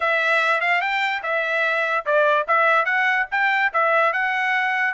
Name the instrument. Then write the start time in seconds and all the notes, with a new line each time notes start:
trumpet
0.00 E5
0.60 F5
0.81 G5
1.23 E5
2.05 D5
2.47 E5
2.85 F#5
3.31 G5
3.73 E5
4.12 F#5